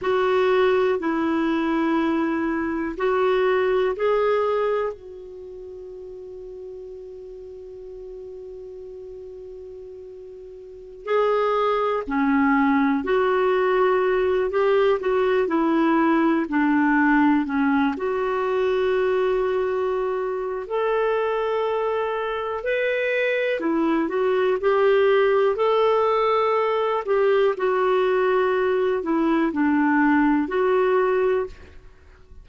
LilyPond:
\new Staff \with { instrumentName = "clarinet" } { \time 4/4 \tempo 4 = 61 fis'4 e'2 fis'4 | gis'4 fis'2.~ | fis'2.~ fis'16 gis'8.~ | gis'16 cis'4 fis'4. g'8 fis'8 e'16~ |
e'8. d'4 cis'8 fis'4.~ fis'16~ | fis'4 a'2 b'4 | e'8 fis'8 g'4 a'4. g'8 | fis'4. e'8 d'4 fis'4 | }